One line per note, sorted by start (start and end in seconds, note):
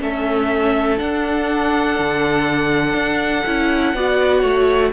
0.00 1.00 A3
0.00 0.98 C#4
0.00 3.96 A4
0.00 0.99 E5
0.98 3.43 D4
0.98 1.99 D4
0.98 4.92 F#5
2.00 2.94 D3
2.94 3.44 D4
3.47 3.94 C#4
3.47 3.96 E4
3.94 4.43 B3
3.94 4.93 F#4
3.94 4.41 D5
4.41 4.93 A3
4.41 4.90 C#5